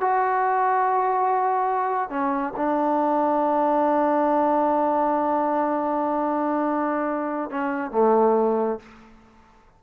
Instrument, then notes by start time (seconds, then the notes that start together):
trombone
0.00 F#4
2.09 C#4
2.56 D4
7.50 C#4
7.91 A3